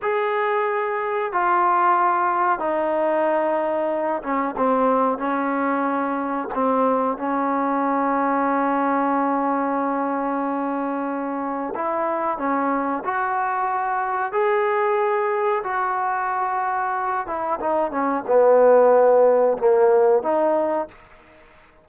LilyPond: \new Staff \with { instrumentName = "trombone" } { \time 4/4 \tempo 4 = 92 gis'2 f'2 | dis'2~ dis'8 cis'8 c'4 | cis'2 c'4 cis'4~ | cis'1~ |
cis'2 e'4 cis'4 | fis'2 gis'2 | fis'2~ fis'8 e'8 dis'8 cis'8 | b2 ais4 dis'4 | }